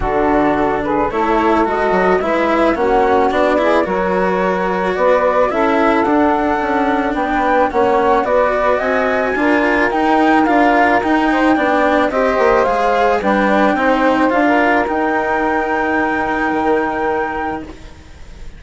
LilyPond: <<
  \new Staff \with { instrumentName = "flute" } { \time 4/4 \tempo 4 = 109 a'4. b'8 cis''4 dis''4 | e''4 fis''4 d''4 cis''4~ | cis''4 d''4 e''4 fis''4~ | fis''4 g''4 fis''4 d''4 |
gis''2 g''4 f''4 | g''2 dis''4 f''4 | g''2 f''4 g''4~ | g''1 | }
  \new Staff \with { instrumentName = "saxophone" } { \time 4/4 fis'4. gis'8 a'2 | b'4 fis'4. gis'8 ais'4~ | ais'4 b'4 a'2~ | a'4 b'4 cis''4 b'4 |
dis''4 ais'2.~ | ais'8 c''8 d''4 c''2 | b'4 c''4~ c''16 ais'4.~ ais'16~ | ais'1 | }
  \new Staff \with { instrumentName = "cello" } { \time 4/4 d'2 e'4 fis'4 | e'4 cis'4 d'8 e'8 fis'4~ | fis'2 e'4 d'4~ | d'2 cis'4 fis'4~ |
fis'4 f'4 dis'4 f'4 | dis'4 d'4 g'4 gis'4 | d'4 dis'4 f'4 dis'4~ | dis'1 | }
  \new Staff \with { instrumentName = "bassoon" } { \time 4/4 d2 a4 gis8 fis8 | gis4 ais4 b4 fis4~ | fis4 b4 cis'4 d'4 | cis'4 b4 ais4 b4 |
c'4 d'4 dis'4 d'4 | dis'4 b4 c'8 ais8 gis4 | g4 c'4 d'4 dis'4~ | dis'2 dis2 | }
>>